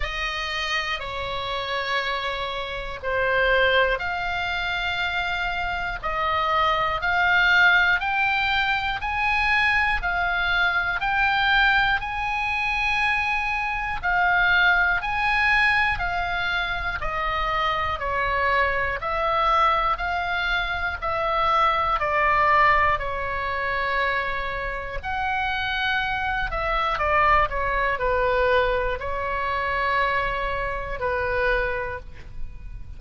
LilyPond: \new Staff \with { instrumentName = "oboe" } { \time 4/4 \tempo 4 = 60 dis''4 cis''2 c''4 | f''2 dis''4 f''4 | g''4 gis''4 f''4 g''4 | gis''2 f''4 gis''4 |
f''4 dis''4 cis''4 e''4 | f''4 e''4 d''4 cis''4~ | cis''4 fis''4. e''8 d''8 cis''8 | b'4 cis''2 b'4 | }